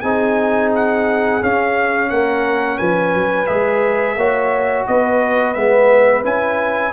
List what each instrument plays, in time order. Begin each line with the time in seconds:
0.00 tuba C4, trombone D#4, horn G#4, trumpet G#5
0.75 trumpet F#5
1.42 trombone C#4, tuba C#4, trumpet F5
2.09 tuba A#3, horn A#4, trumpet F#5
2.77 tuba F3, horn B4, trumpet G#5
3.14 tuba F#3
3.46 tuba G#3, trombone G#4, trumpet E5
4.16 tuba A#3, trombone F#4, horn C#5
4.87 tuba B3, horn B4, trumpet D#5
5.53 tuba G#3, trombone B3, trumpet E5
6.23 tuba C#4, trombone E4, trumpet G#5